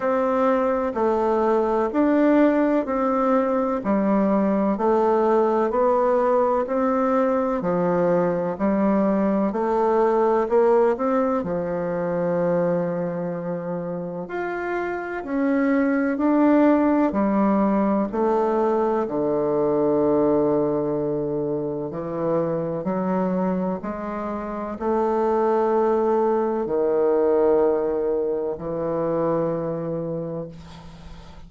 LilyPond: \new Staff \with { instrumentName = "bassoon" } { \time 4/4 \tempo 4 = 63 c'4 a4 d'4 c'4 | g4 a4 b4 c'4 | f4 g4 a4 ais8 c'8 | f2. f'4 |
cis'4 d'4 g4 a4 | d2. e4 | fis4 gis4 a2 | dis2 e2 | }